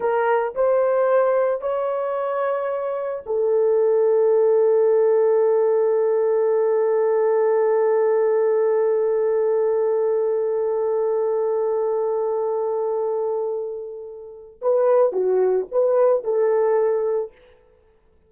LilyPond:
\new Staff \with { instrumentName = "horn" } { \time 4/4 \tempo 4 = 111 ais'4 c''2 cis''4~ | cis''2 a'2~ | a'1~ | a'1~ |
a'1~ | a'1~ | a'2. b'4 | fis'4 b'4 a'2 | }